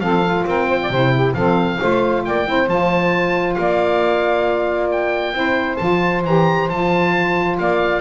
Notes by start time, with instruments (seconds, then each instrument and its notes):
0.00 double bass F3, saxophone C4 A4, oboe F5
0.24 saxophone F4
0.46 double bass C4, saxophone A#4, oboe G5
0.69 saxophone C5
0.82 saxophone D5
0.90 double bass C3, saxophone E4 C5
1.13 saxophone G4
1.34 double bass F3, saxophone C4 A4, oboe F5
1.79 double bass A3, saxophone F4 C5
2.25 double bass A#3, saxophone D5, oboe G5
2.45 double bass C4, saxophone E4 C5
2.67 double bass F3, saxophone F4, oboe A5
3.54 double bass A#3, saxophone D5, oboe F5
4.91 oboe G5
5.33 double bass C4, saxophone E4 C5
5.77 double bass F3, saxophone F4, oboe A5
6.25 double bass E3, saxophone G4, oboe A#5
6.69 double bass F3, saxophone F4, oboe A5
7.58 double bass A#3, saxophone D5, oboe F5